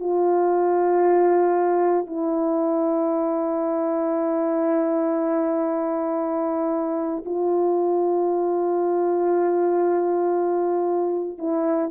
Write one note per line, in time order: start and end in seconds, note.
0.00 2.07 F4
2.07 7.24 E4
7.26 11.39 F4
11.39 11.91 E4